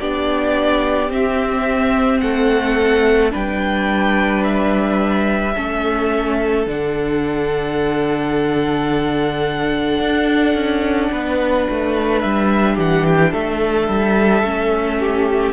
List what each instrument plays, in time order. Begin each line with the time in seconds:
0.00 cello B3, viola D4, violin G4 D5
1.09 viola C4, cello C4, violin E5
2.20 cello A3, violin A4 F#5
3.31 cello G3, viola D4, violin B4 G5
4.44 violin E5
5.55 cello A3, viola C#4, violin A4
6.67 cello D3, viola D4, violin F#5
10.00 cello D4
10.55 cello C#4
11.11 cello B3, violin B4
11.70 cello A3
12.21 cello G3, violin E5
12.75 cello E3, violin G4 F#5
13.07 violin G5
13.31 cello A3, violin A4 E5
13.88 cello G3
14.43 cello A3, viola C#4
15.00 violin G4